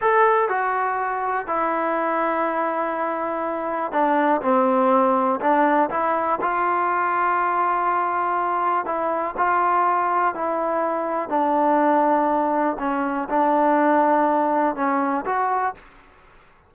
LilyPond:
\new Staff \with { instrumentName = "trombone" } { \time 4/4 \tempo 4 = 122 a'4 fis'2 e'4~ | e'1 | d'4 c'2 d'4 | e'4 f'2.~ |
f'2 e'4 f'4~ | f'4 e'2 d'4~ | d'2 cis'4 d'4~ | d'2 cis'4 fis'4 | }